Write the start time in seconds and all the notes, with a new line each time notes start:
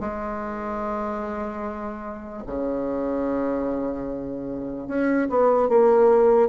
0.00 G#3
2.46 C#3
4.87 C#4
5.30 B3
5.69 A#3